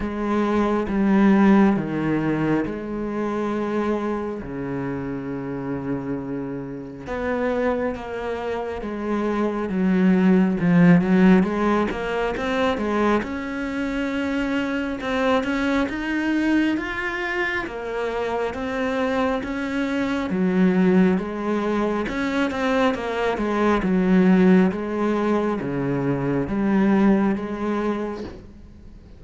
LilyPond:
\new Staff \with { instrumentName = "cello" } { \time 4/4 \tempo 4 = 68 gis4 g4 dis4 gis4~ | gis4 cis2. | b4 ais4 gis4 fis4 | f8 fis8 gis8 ais8 c'8 gis8 cis'4~ |
cis'4 c'8 cis'8 dis'4 f'4 | ais4 c'4 cis'4 fis4 | gis4 cis'8 c'8 ais8 gis8 fis4 | gis4 cis4 g4 gis4 | }